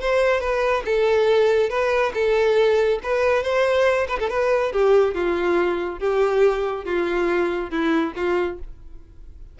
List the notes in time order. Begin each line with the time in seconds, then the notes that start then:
0.00 C5
0.40 B4
0.85 A4
1.69 B4
2.14 A4
3.03 B4
3.43 C5
4.08 B4
4.19 A4
4.30 B4
4.72 G4
5.14 F4
5.99 G4
6.84 F4
7.70 E4
8.15 F4